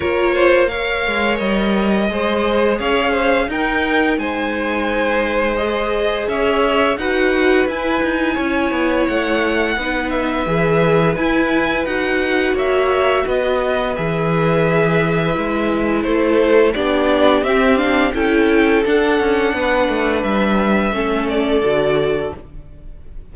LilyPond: <<
  \new Staff \with { instrumentName = "violin" } { \time 4/4 \tempo 4 = 86 cis''4 f''4 dis''2 | f''4 g''4 gis''2 | dis''4 e''4 fis''4 gis''4~ | gis''4 fis''4. e''4. |
gis''4 fis''4 e''4 dis''4 | e''2. c''4 | d''4 e''8 f''8 g''4 fis''4~ | fis''4 e''4. d''4. | }
  \new Staff \with { instrumentName = "violin" } { \time 4/4 ais'8 c''8 cis''2 c''4 | cis''8 c''8 ais'4 c''2~ | c''4 cis''4 b'2 | cis''2 b'2~ |
b'2 cis''4 b'4~ | b'2. a'4 | g'2 a'2 | b'2 a'2 | }
  \new Staff \with { instrumentName = "viola" } { \time 4/4 f'4 ais'2 gis'4~ | gis'4 dis'2. | gis'2 fis'4 e'4~ | e'2 dis'4 gis'4 |
e'4 fis'2. | gis'2 e'2 | d'4 c'8 d'8 e'4 d'4~ | d'2 cis'4 fis'4 | }
  \new Staff \with { instrumentName = "cello" } { \time 4/4 ais4. gis8 g4 gis4 | cis'4 dis'4 gis2~ | gis4 cis'4 dis'4 e'8 dis'8 | cis'8 b8 a4 b4 e4 |
e'4 dis'4 ais4 b4 | e2 gis4 a4 | b4 c'4 cis'4 d'8 cis'8 | b8 a8 g4 a4 d4 | }
>>